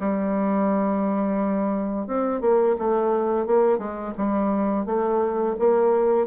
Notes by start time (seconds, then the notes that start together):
0.00 G3
2.07 C4
2.41 A#3
2.79 A3
3.46 A#3
3.78 G#3
4.17 G3
4.86 A3
5.59 A#3